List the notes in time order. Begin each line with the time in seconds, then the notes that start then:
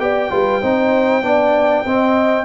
0.00 B3 G4 D5 G5
0.31 G3 F4 B4
0.62 C4 D#4 C5
1.23 B3 D4 D5
1.85 C4 D#5